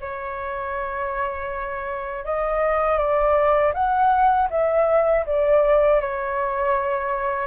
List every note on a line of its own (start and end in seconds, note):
0.00 2.24 C#5
2.24 2.98 D#5
2.98 3.73 D5
3.73 4.48 F#5
4.50 5.25 E5
5.25 6.00 D5
6.01 7.47 C#5